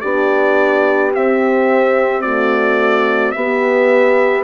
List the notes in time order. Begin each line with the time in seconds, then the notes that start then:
0.00 B3 D4 G4 D5
1.13 C4 E5
2.21 A3 F#4 D5
3.31 B3 G4 E5